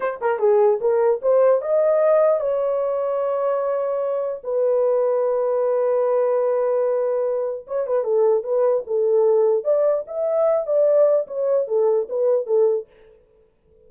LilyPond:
\new Staff \with { instrumentName = "horn" } { \time 4/4 \tempo 4 = 149 c''8 ais'8 gis'4 ais'4 c''4 | dis''2 cis''2~ | cis''2. b'4~ | b'1~ |
b'2. cis''8 b'8 | a'4 b'4 a'2 | d''4 e''4. d''4. | cis''4 a'4 b'4 a'4 | }